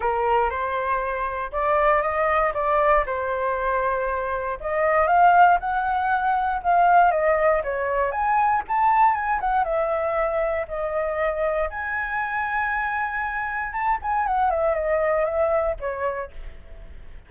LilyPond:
\new Staff \with { instrumentName = "flute" } { \time 4/4 \tempo 4 = 118 ais'4 c''2 d''4 | dis''4 d''4 c''2~ | c''4 dis''4 f''4 fis''4~ | fis''4 f''4 dis''4 cis''4 |
gis''4 a''4 gis''8 fis''8 e''4~ | e''4 dis''2 gis''4~ | gis''2. a''8 gis''8 | fis''8 e''8 dis''4 e''4 cis''4 | }